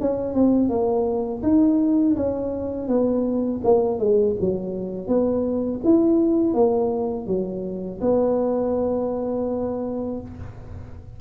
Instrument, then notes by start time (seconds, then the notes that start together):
tuba
0.00 C#4
0.34 C4
0.69 A#3
1.42 D#4
2.16 C#4
2.88 B3
3.64 A#3
3.99 G#3
4.40 F#3
5.07 B3
5.84 E4
6.54 A#3
7.26 F#3
8.01 B3